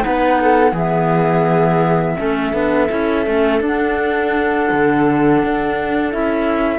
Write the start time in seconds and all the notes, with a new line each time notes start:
0.00 D#4 B4 F#5
0.07 B3
0.41 A4
0.72 E3 B3 G#4 E5
2.17 A3 C#4 A4
2.53 B3 D4
2.89 C#4 E4
3.25 A3 C#4
3.60 D4 F#5
4.72 D3
5.44 D4
6.11 C#4 E4 E5